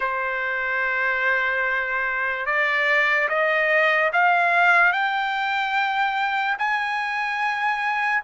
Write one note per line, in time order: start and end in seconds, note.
0.00 2.46 C5
2.46 3.28 D5
3.28 4.11 D#5
4.12 4.92 F5
4.92 6.56 G5
6.58 8.22 G#5